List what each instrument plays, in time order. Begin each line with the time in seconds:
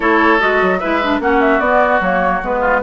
0.00 bassoon A3, clarinet E4, oboe A4, flute C#5
0.39 bassoon G#3, clarinet F#4, flute D#5
0.61 bassoon F#3
0.79 bassoon G#3, clarinet E4, oboe B4, flute E5
1.02 clarinet D4
1.19 bassoon A#3, clarinet C#4, oboe F#4, flute F#5
1.41 flute E5
1.59 bassoon B3, clarinet B3, flute D5
2.00 bassoon F#3, clarinet A#3, flute C#5
2.42 bassoon G#3, clarinet B3, flute B4
2.60 oboe F4